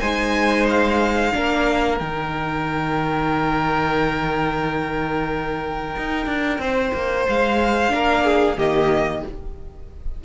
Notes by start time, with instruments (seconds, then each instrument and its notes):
0.00 cello G#3, viola D#4, violin C5 G#5
0.70 violin F5
1.32 cello A#3, viola D4, violin A#4
1.97 cello D#3, viola D#4, violin G5
5.96 cello D#4
6.26 cello D4
6.58 cello C4, violin C5
6.94 cello A#3
7.29 cello G#3, violin F5
7.89 cello A#3, viola D4, violin A#4
8.24 violin G#4
8.57 cello D#3, viola A#3, violin G4 D#5